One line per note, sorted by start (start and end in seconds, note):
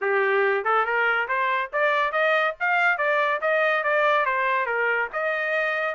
0.01 0.64 G4
0.64 0.85 A4
0.85 1.27 A#4
1.27 1.70 C5
1.72 2.12 D5
2.12 2.54 D#5
2.60 2.97 F5
2.97 3.40 D5
3.41 3.83 D#5
3.83 4.25 D5
4.25 4.65 C5
4.65 5.08 A#4
5.12 5.95 D#5